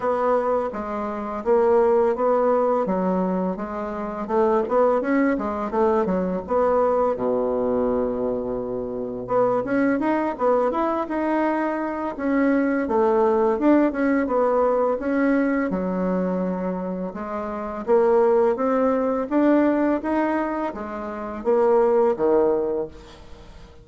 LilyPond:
\new Staff \with { instrumentName = "bassoon" } { \time 4/4 \tempo 4 = 84 b4 gis4 ais4 b4 | fis4 gis4 a8 b8 cis'8 gis8 | a8 fis8 b4 b,2~ | b,4 b8 cis'8 dis'8 b8 e'8 dis'8~ |
dis'4 cis'4 a4 d'8 cis'8 | b4 cis'4 fis2 | gis4 ais4 c'4 d'4 | dis'4 gis4 ais4 dis4 | }